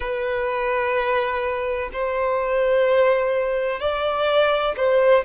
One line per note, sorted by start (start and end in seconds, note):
0.00 1.90 B4
1.92 3.80 C5
3.80 4.75 D5
4.76 5.24 C5